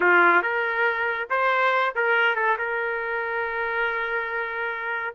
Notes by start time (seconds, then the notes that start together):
0.00 F4
0.42 A#4
1.30 C5
1.95 A#4
2.35 A4
2.57 A#4